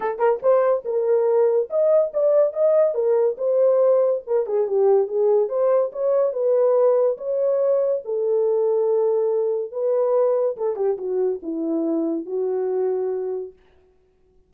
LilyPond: \new Staff \with { instrumentName = "horn" } { \time 4/4 \tempo 4 = 142 a'8 ais'8 c''4 ais'2 | dis''4 d''4 dis''4 ais'4 | c''2 ais'8 gis'8 g'4 | gis'4 c''4 cis''4 b'4~ |
b'4 cis''2 a'4~ | a'2. b'4~ | b'4 a'8 g'8 fis'4 e'4~ | e'4 fis'2. | }